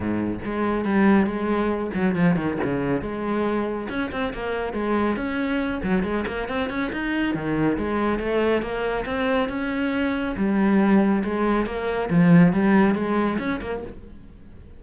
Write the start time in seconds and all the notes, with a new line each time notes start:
0.00 G#2
0.44 G#3
0.84 G3
1.26 G#3
1.94 F#3
2.15 F3
2.35 D#3
2.63 C#3
3.01 G#3
3.89 C#4
4.11 C4
4.33 A#3
4.73 G#3
5.16 C#4
5.83 F#3
6.03 G#3
6.27 A#3
6.48 C4
6.69 C#4
6.92 D#4
7.34 D#3
7.77 G#3
8.19 A3
8.61 A#3
9.05 C4
9.48 C#4
10.36 G3
11.23 G#3
11.65 A#3
12.10 F3
12.52 G3
12.94 G#3
13.38 C#4
13.61 A#3